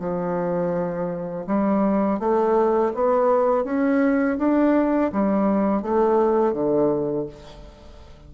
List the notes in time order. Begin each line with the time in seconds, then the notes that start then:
0.00 F3
1.47 G3
2.20 A3
2.95 B3
3.65 C#4
4.39 D4
5.13 G3
5.83 A3
6.54 D3